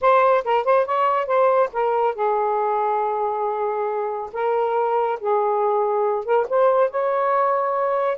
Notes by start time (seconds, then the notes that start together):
0.01 C5
0.44 A#4
0.64 C5
0.85 C#5
1.26 C5
1.72 A#4
2.14 G#4
4.33 A#4
5.20 G#4
6.25 A#4
6.49 C5
6.90 C#5